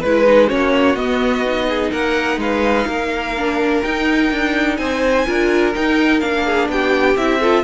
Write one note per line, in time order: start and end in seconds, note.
0.00 0.51 G#3
0.00 0.26 E4
0.00 0.47 B4
0.00 0.49 B4
0.26 0.48 D#4
0.47 0.95 A#3
0.47 0.95 C#4
0.47 1.66 F#4
0.47 0.96 C#5
0.95 1.90 B3
0.95 1.45 B3
0.95 1.91 D#5
1.46 3.36 D#4
1.69 1.91 G#4
1.91 2.37 A#3
1.91 2.39 A#4
1.91 2.40 F#5
2.37 2.85 G#3
2.37 2.87 B4
2.37 3.83 F5
2.87 3.82 A#3
2.87 4.78 A#4
3.37 3.84 D4
3.83 5.26 D#4
3.83 4.31 D#4
3.83 4.77 G5
4.31 4.78 D4
4.77 5.26 C4
4.77 5.26 C5
4.77 5.72 G#5
5.26 5.75 D4
5.26 5.74 F4
5.26 6.45 A#4
5.75 6.21 D#4
5.75 6.22 D#4
5.75 6.20 G5
6.20 6.69 A#3
6.20 7.16 D4
6.20 6.68 F5
6.45 6.69 G#4
6.69 7.16 B3
6.69 7.40 G4
6.69 7.17 G5
7.17 7.63 C4
7.17 7.41 E4
7.17 7.63 E5
7.40 7.63 F4
7.40 7.63 A4